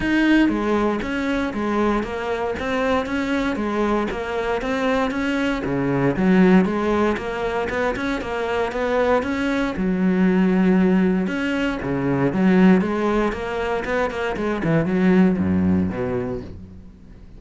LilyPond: \new Staff \with { instrumentName = "cello" } { \time 4/4 \tempo 4 = 117 dis'4 gis4 cis'4 gis4 | ais4 c'4 cis'4 gis4 | ais4 c'4 cis'4 cis4 | fis4 gis4 ais4 b8 cis'8 |
ais4 b4 cis'4 fis4~ | fis2 cis'4 cis4 | fis4 gis4 ais4 b8 ais8 | gis8 e8 fis4 fis,4 b,4 | }